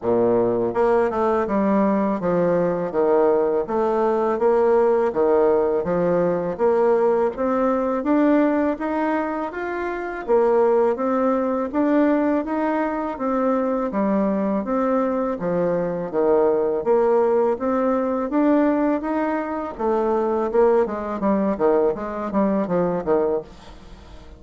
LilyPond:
\new Staff \with { instrumentName = "bassoon" } { \time 4/4 \tempo 4 = 82 ais,4 ais8 a8 g4 f4 | dis4 a4 ais4 dis4 | f4 ais4 c'4 d'4 | dis'4 f'4 ais4 c'4 |
d'4 dis'4 c'4 g4 | c'4 f4 dis4 ais4 | c'4 d'4 dis'4 a4 | ais8 gis8 g8 dis8 gis8 g8 f8 dis8 | }